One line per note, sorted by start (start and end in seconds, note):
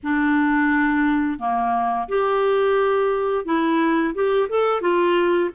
0.03 1.39 D4
1.39 2.08 A#3
2.08 3.45 G4
3.45 4.14 E4
4.14 4.49 G4
4.49 4.81 A4
4.81 5.50 F4